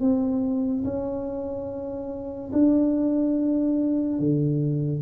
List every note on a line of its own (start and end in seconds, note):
0.00 0.83 C4
0.84 2.51 C#4
2.52 4.19 D4
4.19 5.02 D3